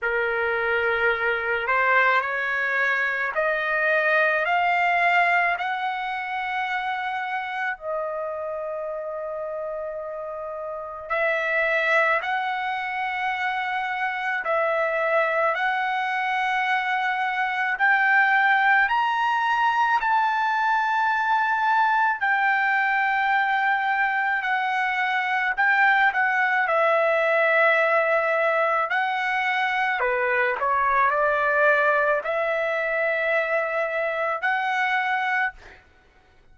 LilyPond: \new Staff \with { instrumentName = "trumpet" } { \time 4/4 \tempo 4 = 54 ais'4. c''8 cis''4 dis''4 | f''4 fis''2 dis''4~ | dis''2 e''4 fis''4~ | fis''4 e''4 fis''2 |
g''4 ais''4 a''2 | g''2 fis''4 g''8 fis''8 | e''2 fis''4 b'8 cis''8 | d''4 e''2 fis''4 | }